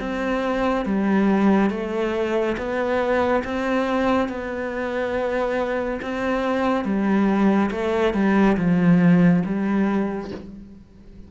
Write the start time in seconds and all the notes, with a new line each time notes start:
0.00 C4
0.86 G3
1.71 A3
2.58 B3
3.45 C4
4.29 B3
6.02 C4
6.85 G3
7.71 A3
8.14 G3
8.58 F3
9.46 G3